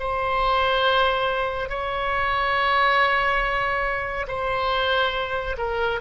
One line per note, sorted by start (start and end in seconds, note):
0.00 1.69 C5
1.69 4.27 C#5
4.28 5.56 C5
5.58 6.01 A#4